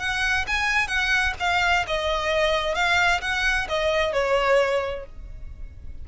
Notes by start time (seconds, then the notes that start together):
0.00 F#5
0.47 G#5
0.88 F#5
1.40 F5
1.88 D#5
2.75 F5
3.22 F#5
3.69 D#5
4.13 C#5